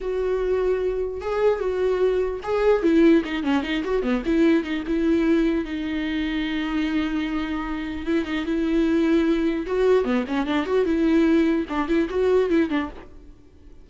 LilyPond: \new Staff \with { instrumentName = "viola" } { \time 4/4 \tempo 4 = 149 fis'2. gis'4 | fis'2 gis'4 e'4 | dis'8 cis'8 dis'8 fis'8 b8 e'4 dis'8 | e'2 dis'2~ |
dis'1 | e'8 dis'8 e'2. | fis'4 b8 cis'8 d'8 fis'8 e'4~ | e'4 d'8 e'8 fis'4 e'8 d'8 | }